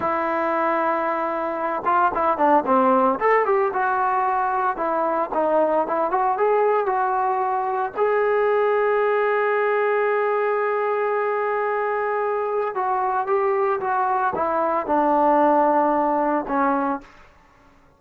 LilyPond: \new Staff \with { instrumentName = "trombone" } { \time 4/4 \tempo 4 = 113 e'2.~ e'8 f'8 | e'8 d'8 c'4 a'8 g'8 fis'4~ | fis'4 e'4 dis'4 e'8 fis'8 | gis'4 fis'2 gis'4~ |
gis'1~ | gis'1 | fis'4 g'4 fis'4 e'4 | d'2. cis'4 | }